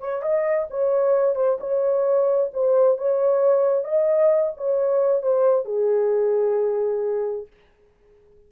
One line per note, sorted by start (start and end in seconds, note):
0.00 0.22 C#5
0.22 0.68 D#5
0.70 1.35 C#5
1.35 1.58 C5
1.60 2.51 C#5
2.53 2.98 C5
2.98 3.84 C#5
3.84 4.52 D#5
4.57 5.22 C#5
5.22 5.65 C5
5.65 7.47 G#4